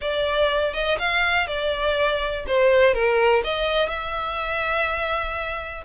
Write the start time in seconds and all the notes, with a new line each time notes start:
0.01 D5
0.73 D#5
0.98 F5
1.47 D5
2.47 C5
2.94 A#4
3.43 D#5
3.88 E5